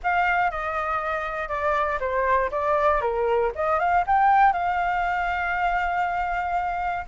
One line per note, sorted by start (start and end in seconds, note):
0.03 0.50 F5
0.50 1.48 D#5
1.48 1.98 D5
1.99 2.50 C5
2.51 3.01 D5
3.01 3.51 A#4
3.55 3.79 D#5
3.79 4.04 F5
4.06 4.52 G5
4.52 7.05 F5